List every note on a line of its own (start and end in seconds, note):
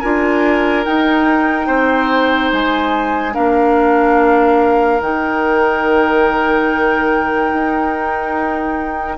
0.00 0.86 D4
0.00 0.85 F4
0.00 1.66 A#4
0.00 0.83 G#5
0.84 3.32 D#4
0.84 1.67 D#4
0.84 2.51 G5
1.66 2.51 C4
1.66 3.33 C5
2.52 3.35 G#3
2.52 3.34 G#5
3.32 5.00 A#3
3.32 4.99 D4
3.32 9.17 A#4
3.32 5.01 F5
5.00 7.50 D#3
5.00 9.17 D#4
5.00 9.17 G5
7.53 9.17 D#4